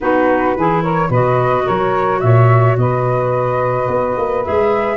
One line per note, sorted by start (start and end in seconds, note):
0.01 0.56 B3
0.01 0.56 D#4
0.01 0.56 F#4
0.01 0.83 B4
0.56 1.09 E3
0.56 1.12 E4
0.56 0.82 G#4
0.82 1.09 A#4
0.82 1.11 C#5
1.09 1.65 B2
1.09 4.45 F#4
1.09 1.64 B4
1.09 1.67 D#5
1.65 2.22 F#3
1.65 2.20 A#4
1.65 2.20 C#5
2.20 2.77 A#2
2.20 2.78 C#5
2.20 2.76 E5
2.77 3.87 B2
2.77 4.97 B4
2.77 4.44 D#5
3.87 4.15 B3
4.17 4.45 A#3
4.44 4.97 G#3
4.44 4.97 G#4
4.44 4.97 E5